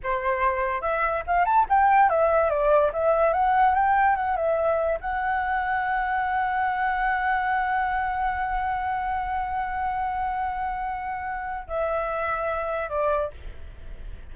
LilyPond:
\new Staff \with { instrumentName = "flute" } { \time 4/4 \tempo 4 = 144 c''2 e''4 f''8 a''8 | g''4 e''4 d''4 e''4 | fis''4 g''4 fis''8 e''4. | fis''1~ |
fis''1~ | fis''1~ | fis''1 | e''2. d''4 | }